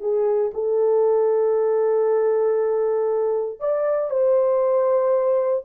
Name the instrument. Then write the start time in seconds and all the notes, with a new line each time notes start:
horn
0.00 G#4
0.54 A4
3.60 D5
4.10 C5